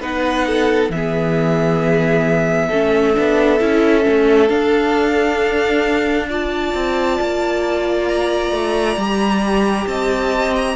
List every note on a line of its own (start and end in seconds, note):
0.00 0.90 B3
0.00 0.91 D#4
0.00 0.46 B4
0.00 0.92 F#5
0.47 0.92 A4
0.90 2.69 E3
0.90 2.73 B3
0.90 4.49 E5
0.96 2.68 G#4
2.68 3.17 A3
2.68 3.15 C#4
2.68 6.27 A4
3.15 3.61 B3
3.15 3.59 D4
3.60 4.06 C#4
3.60 4.03 E4
4.03 4.50 A3
4.03 4.48 C#4
4.49 6.28 D4
4.49 6.74 D4
4.49 6.28 F5
6.29 8.98 F4
6.29 9.87 D5
6.29 8.08 A5
6.75 7.19 C4
7.21 8.51 A#3
8.08 9.87 A#5
8.51 8.96 A3
8.97 9.86 G3
8.97 10.76 G4
9.87 10.76 C4
9.87 10.76 D#5
9.87 10.55 A5
10.56 10.76 A#5